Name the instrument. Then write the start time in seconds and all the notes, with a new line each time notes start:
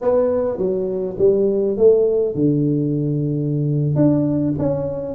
tuba
0.01 B3
0.57 F#3
1.18 G3
1.77 A3
2.34 D3
3.95 D4
4.58 C#4